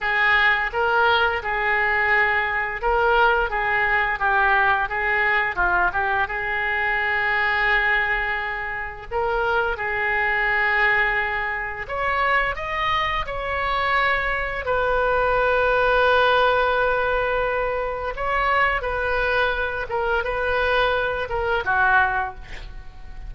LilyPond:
\new Staff \with { instrumentName = "oboe" } { \time 4/4 \tempo 4 = 86 gis'4 ais'4 gis'2 | ais'4 gis'4 g'4 gis'4 | f'8 g'8 gis'2.~ | gis'4 ais'4 gis'2~ |
gis'4 cis''4 dis''4 cis''4~ | cis''4 b'2.~ | b'2 cis''4 b'4~ | b'8 ais'8 b'4. ais'8 fis'4 | }